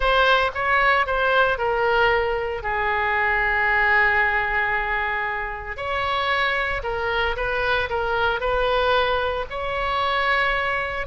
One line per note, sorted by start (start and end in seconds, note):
0.00 0.51 C5
0.54 1.06 C#5
1.06 1.58 C5
1.58 2.62 A#4
2.62 5.77 G#4
5.77 6.82 C#5
6.83 7.35 A#4
7.36 7.89 B4
7.89 8.40 A#4
8.40 9.45 B4
9.50 11.06 C#5